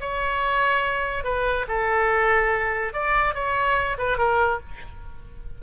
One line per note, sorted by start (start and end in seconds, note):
0.00 1.24 C#5
1.24 1.66 B4
1.68 2.93 A4
2.93 3.34 D5
3.34 3.97 C#5
3.98 4.17 B4
4.17 4.59 A#4